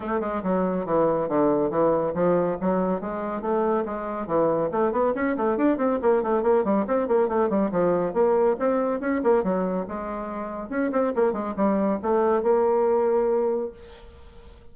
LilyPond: \new Staff \with { instrumentName = "bassoon" } { \time 4/4 \tempo 4 = 140 a8 gis8 fis4 e4 d4 | e4 f4 fis4 gis4 | a4 gis4 e4 a8 b8 | cis'8 a8 d'8 c'8 ais8 a8 ais8 g8 |
c'8 ais8 a8 g8 f4 ais4 | c'4 cis'8 ais8 fis4 gis4~ | gis4 cis'8 c'8 ais8 gis8 g4 | a4 ais2. | }